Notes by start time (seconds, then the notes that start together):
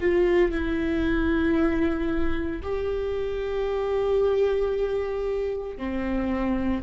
0.00 F4
0.51 E4
2.62 G4
5.77 C4